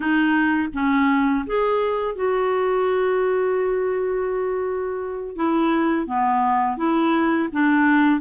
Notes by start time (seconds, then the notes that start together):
0.00 D#4
0.73 C#4
1.46 G#4
2.15 F#4
5.35 E4
6.06 B3
6.77 E4
7.52 D4